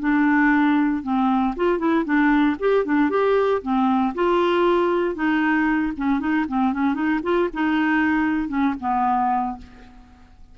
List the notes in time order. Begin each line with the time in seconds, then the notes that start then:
0.00 D4
1.03 C4
1.57 F4
1.79 E4
2.05 D4
2.60 G4
2.85 D4
3.10 G4
3.63 C4
4.15 F4
5.16 D#4
5.97 C#4
6.20 D#4
6.49 C4
6.74 C#4
6.95 D#4
7.23 F4
7.54 D#4
8.49 C#4
8.81 B3